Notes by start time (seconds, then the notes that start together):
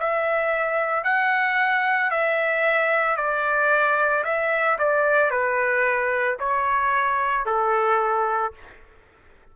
0.00 E5
1.04 F#5
2.11 E5
3.17 D5
4.25 E5
4.79 D5
5.31 B4
6.39 C#5
7.46 A4